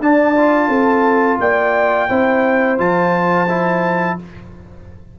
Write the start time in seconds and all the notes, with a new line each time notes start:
0.00 D4 D5 A5
0.37 F4
0.68 C4 A4
1.39 A#3 D5 G5
2.09 C4 E4 C5
2.78 F3 F4 A5
3.49 E4